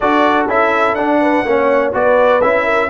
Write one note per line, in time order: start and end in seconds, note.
0.00 0.47 D4
0.00 0.48 F#4
0.00 1.20 A4
0.00 0.46 D5
0.47 0.93 C#4
0.47 0.97 E4
0.47 0.94 E5
0.93 1.42 D4
0.93 1.45 D4
0.93 1.91 F#5
1.20 1.45 B4
1.45 1.93 A#3
1.45 1.92 C#4
1.45 1.93 C#5
1.92 2.42 B3
1.92 2.41 F#4
1.92 2.64 B4
1.92 2.41 D5
2.41 2.89 C#4
2.41 2.89 E4
2.41 2.89 E5
2.64 2.88 A#4